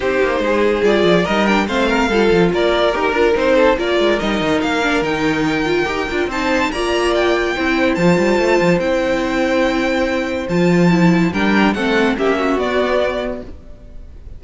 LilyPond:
<<
  \new Staff \with { instrumentName = "violin" } { \time 4/4 \tempo 4 = 143 c''2 d''4 dis''8 g''8 | f''2 d''4 ais'4 | c''4 d''4 dis''4 f''4 | g''2. a''4 |
ais''4 g''2 a''4~ | a''4 g''2.~ | g''4 a''2 g''4 | fis''4 e''4 d''2 | }
  \new Staff \with { instrumentName = "violin" } { \time 4/4 g'4 gis'2 ais'4 | c''8 ais'8 a'4 ais'2~ | ais'8 a'8 ais'2.~ | ais'2. c''4 |
d''2 c''2~ | c''1~ | c''2. ais'4 | a'4 g'8 fis'2~ fis'8 | }
  \new Staff \with { instrumentName = "viola" } { \time 4/4 dis'2 f'4 dis'8 d'8 | c'4 f'2 g'8 f'8 | dis'4 f'4 dis'4. d'8 | dis'4. f'8 g'8 f'8 dis'4 |
f'2 e'4 f'4~ | f'4 e'2.~ | e'4 f'4 e'4 d'4 | c'4 cis'4 b2 | }
  \new Staff \with { instrumentName = "cello" } { \time 4/4 c'8 ais8 gis4 g8 f8 g4 | a4 g8 f8 ais4 dis'8 d'8 | c'4 ais8 gis8 g8 dis8 ais4 | dis2 dis'8 d'8 c'4 |
ais2 c'4 f8 g8 | a8 f8 c'2.~ | c'4 f2 g4 | a4 ais4 b2 | }
>>